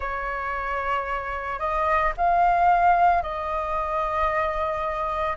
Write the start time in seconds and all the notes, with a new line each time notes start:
0.00 C#5
1.59 D#5
2.17 F5
3.22 D#5